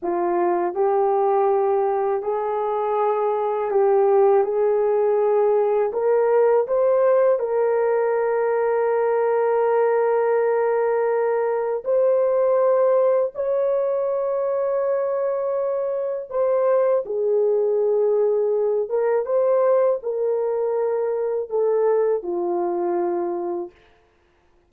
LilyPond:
\new Staff \with { instrumentName = "horn" } { \time 4/4 \tempo 4 = 81 f'4 g'2 gis'4~ | gis'4 g'4 gis'2 | ais'4 c''4 ais'2~ | ais'1 |
c''2 cis''2~ | cis''2 c''4 gis'4~ | gis'4. ais'8 c''4 ais'4~ | ais'4 a'4 f'2 | }